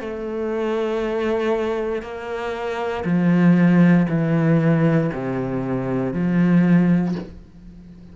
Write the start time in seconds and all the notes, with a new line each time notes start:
0.00 A3
2.02 A#3
3.04 F3
4.09 E3
5.13 C3
6.13 F3